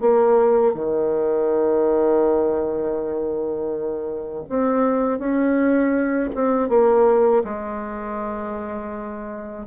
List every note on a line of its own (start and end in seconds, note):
0.00 0.73 A#3
0.73 4.44 D#3
4.49 5.18 C4
5.18 6.29 C#4
6.34 6.69 C4
6.69 7.43 A#3
7.44 9.66 G#3